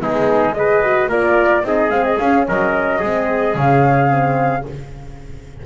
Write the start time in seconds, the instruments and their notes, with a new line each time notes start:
0.00 double bass G#3, horn B3, trumpet D#4, flute G#4
0.54 horn G#4, trumpet B4, flute D#5
0.83 horn F#4
1.09 double bass A#3, horn F4, trumpet A#4, flute D5
1.63 double bass C4, horn D#4, trumpet G#4, flute D#5
1.90 double bass G#3, horn C4, flute F5
2.04 flute D#5
2.19 double bass C#4, horn C#4, flute F5
2.48 double bass F#3, trumpet A#4, flute D#5
2.99 double bass G#3, horn C4, trumpet G#4
3.55 double bass C#3, horn C#4, flute F5
4.08 horn C4